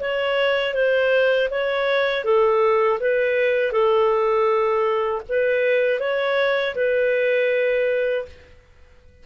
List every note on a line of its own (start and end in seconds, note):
0.00 0.74 C#5
0.74 1.49 C5
1.51 2.25 C#5
2.25 3.00 A4
3.00 3.72 B4
3.72 5.22 A4
5.29 6.00 B4
6.00 6.75 C#5
6.76 8.26 B4